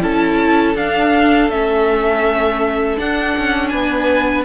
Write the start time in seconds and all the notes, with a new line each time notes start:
0.00 C#4 E4 A4 A5
0.75 D4 F5
1.49 A3 C#4 E5
2.98 D4 F#5
3.37 C#4
3.69 B3 B4 G#5